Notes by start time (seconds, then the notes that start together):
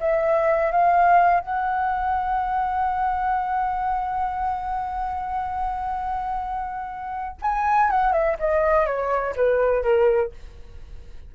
0.00 E5
0.72 F5
1.41 F#5
7.42 G#5
7.90 F#5
8.13 E5
8.39 D#5
8.86 C#5
9.36 B4
9.83 A#4